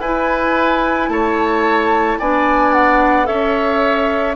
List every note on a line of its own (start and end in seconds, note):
0.00 1.09 E4
0.00 2.22 E4
0.00 1.10 B4
0.00 1.09 G#5
1.09 2.18 A3
1.09 2.19 C#5
1.09 2.18 A5
2.19 3.29 B3
2.19 3.25 D4
2.19 3.28 D5
2.19 2.73 G#5
2.73 3.27 F#5
3.25 4.36 C#4
3.25 4.34 A4
3.25 4.36 C#5
3.25 4.36 E5